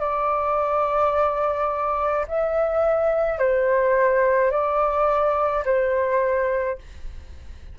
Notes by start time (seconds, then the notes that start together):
0.00 D5
2.28 E5
3.39 C5
4.51 D5
5.65 C5